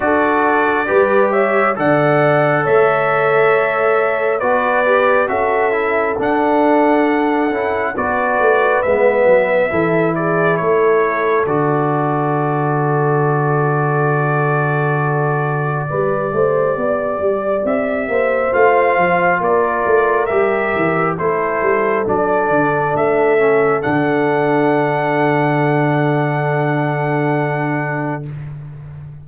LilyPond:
<<
  \new Staff \with { instrumentName = "trumpet" } { \time 4/4 \tempo 4 = 68 d''4. e''8 fis''4 e''4~ | e''4 d''4 e''4 fis''4~ | fis''4 d''4 e''4. d''8 | cis''4 d''2.~ |
d''1 | e''4 f''4 d''4 e''4 | c''4 d''4 e''4 fis''4~ | fis''1 | }
  \new Staff \with { instrumentName = "horn" } { \time 4/4 a'4 b'8 cis''8 d''4 cis''4~ | cis''4 b'4 a'2~ | a'4 b'2 a'8 gis'8 | a'1~ |
a'2 b'8 c''8 d''4~ | d''8 c''4. ais'2 | a'1~ | a'1 | }
  \new Staff \with { instrumentName = "trombone" } { \time 4/4 fis'4 g'4 a'2~ | a'4 fis'8 g'8 fis'8 e'8 d'4~ | d'8 e'8 fis'4 b4 e'4~ | e'4 fis'2.~ |
fis'2 g'2~ | g'4 f'2 g'4 | e'4 d'4. cis'8 d'4~ | d'1 | }
  \new Staff \with { instrumentName = "tuba" } { \time 4/4 d'4 g4 d4 a4~ | a4 b4 cis'4 d'4~ | d'8 cis'8 b8 a8 gis8 fis8 e4 | a4 d2.~ |
d2 g8 a8 b8 g8 | c'8 ais8 a8 f8 ais8 a8 g8 e8 | a8 g8 fis8 d8 a4 d4~ | d1 | }
>>